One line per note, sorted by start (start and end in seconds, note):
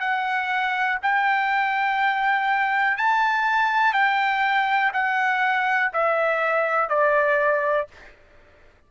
0.00 0.98 F#5
1.02 2.98 G5
2.98 3.93 A5
3.93 4.92 G5
4.93 5.92 F#5
5.94 6.89 E5
6.89 7.88 D5